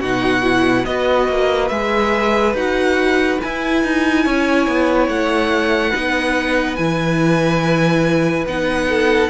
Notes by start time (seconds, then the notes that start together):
0.00 B2 D#4 F#4 F#5
0.43 E4
0.85 B3 F#4 B4 D#5
1.28 A#3
1.69 G#3 G#4 E5
2.54 D#4 F#4 F#5
3.40 E4 G#5
3.84 D#4
4.24 C#4 C#5
4.68 B3
5.09 A3 F#5
5.90 B3 D#4 B4
6.76 E3 E4 G#5
8.46 B3 D#4 F#5
8.89 A4